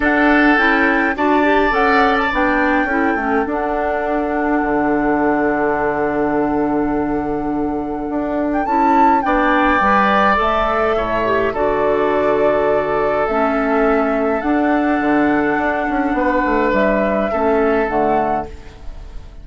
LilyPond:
<<
  \new Staff \with { instrumentName = "flute" } { \time 4/4 \tempo 4 = 104 fis''4 g''4 a''4 fis''8. a''16 | g''2 fis''2~ | fis''1~ | fis''2~ fis''8. g''16 a''4 |
g''2 e''2 | d''2. e''4~ | e''4 fis''2.~ | fis''4 e''2 fis''4 | }
  \new Staff \with { instrumentName = "oboe" } { \time 4/4 a'2 d''2~ | d''4 a'2.~ | a'1~ | a'1 |
d''2. cis''4 | a'1~ | a'1 | b'2 a'2 | }
  \new Staff \with { instrumentName = "clarinet" } { \time 4/4 d'4 e'4 fis'8 g'8 a'4 | d'4 e'8 cis'8 d'2~ | d'1~ | d'2. e'4 |
d'4 b'4 a'4. g'8 | fis'2. cis'4~ | cis'4 d'2.~ | d'2 cis'4 a4 | }
  \new Staff \with { instrumentName = "bassoon" } { \time 4/4 d'4 cis'4 d'4 cis'4 | b4 cis'8 a8 d'2 | d1~ | d2 d'4 cis'4 |
b4 g4 a4 a,4 | d2. a4~ | a4 d'4 d4 d'8 cis'8 | b8 a8 g4 a4 d4 | }
>>